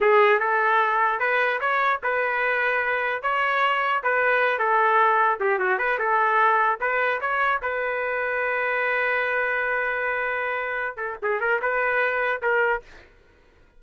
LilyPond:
\new Staff \with { instrumentName = "trumpet" } { \time 4/4 \tempo 4 = 150 gis'4 a'2 b'4 | cis''4 b'2. | cis''2 b'4. a'8~ | a'4. g'8 fis'8 b'8 a'4~ |
a'4 b'4 cis''4 b'4~ | b'1~ | b'2.~ b'8 a'8 | gis'8 ais'8 b'2 ais'4 | }